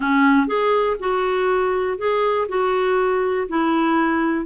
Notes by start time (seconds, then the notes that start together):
0.00 C#4
0.47 G#4
0.99 F#4
1.98 G#4
2.48 F#4
3.48 E4